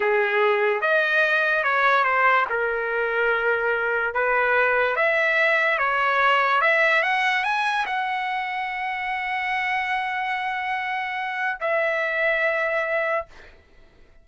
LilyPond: \new Staff \with { instrumentName = "trumpet" } { \time 4/4 \tempo 4 = 145 gis'2 dis''2 | cis''4 c''4 ais'2~ | ais'2 b'2 | e''2 cis''2 |
e''4 fis''4 gis''4 fis''4~ | fis''1~ | fis''1 | e''1 | }